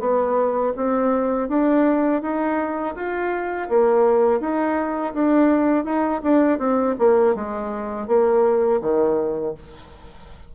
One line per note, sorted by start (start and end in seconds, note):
0.00 0.73 B3
0.76 1.49 C4
1.49 2.22 D4
2.22 2.95 D#4
2.96 3.69 F4
3.70 4.41 A#3
4.41 5.14 D#4
5.14 5.85 D4
5.85 6.22 D#4
6.23 6.59 D4
6.59 6.95 C4
6.99 7.35 A#3
7.35 8.08 G#3
8.08 8.81 A#3
8.82 9.55 D#3